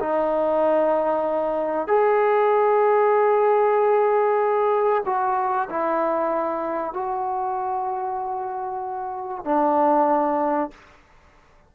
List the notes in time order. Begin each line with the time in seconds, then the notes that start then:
0.00 D#4
1.88 G#4
5.06 F#4
5.70 E4
6.94 F#4
9.45 D4